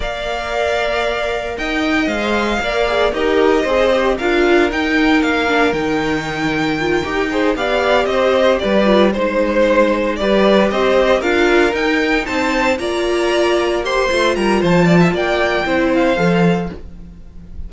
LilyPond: <<
  \new Staff \with { instrumentName = "violin" } { \time 4/4 \tempo 4 = 115 f''2. g''4 | f''2 dis''2 | f''4 g''4 f''4 g''4~ | g''2~ g''8 f''4 dis''8~ |
dis''8 d''4 c''2 d''8~ | d''8 dis''4 f''4 g''4 a''8~ | a''8 ais''2 c'''4 ais''8 | a''4 g''4. f''4. | }
  \new Staff \with { instrumentName = "violin" } { \time 4/4 d''2. dis''4~ | dis''4 d''4 ais'4 c''4 | ais'1~ | ais'2 c''8 d''4 c''8~ |
c''8 b'4 c''2 b'8~ | b'8 c''4 ais'2 c''8~ | c''8 d''2 c''4 ais'8 | c''8 d''16 e''16 d''4 c''2 | }
  \new Staff \with { instrumentName = "viola" } { \time 4/4 ais'1 | c''4 ais'8 gis'8 g'4 gis'8 g'8 | f'4 dis'4. d'8 dis'4~ | dis'4 f'8 g'8 gis'8 g'4.~ |
g'4 f'8 dis'2 g'8~ | g'4. f'4 dis'4.~ | dis'8 f'2 g'8 f'4~ | f'2 e'4 a'4 | }
  \new Staff \with { instrumentName = "cello" } { \time 4/4 ais2. dis'4 | gis4 ais4 dis'4 c'4 | d'4 dis'4 ais4 dis4~ | dis4. dis'4 b4 c'8~ |
c'8 g4 gis2 g8~ | g8 c'4 d'4 dis'4 c'8~ | c'8 ais2~ ais8 a8 g8 | f4 ais4 c'4 f4 | }
>>